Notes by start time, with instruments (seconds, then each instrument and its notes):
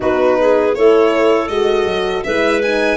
0.00 tuba B3, horn D#4, clarinet F#4, violin B4
0.39 clarinet G#4
0.74 tuba A3, horn E4, clarinet A4, violin C#5
1.48 tuba G#3, horn F#4, violin D#5
1.85 tuba F#3
2.23 tuba G#3, horn E4, clarinet B4, violin E5
2.62 horn D#4, violin G#5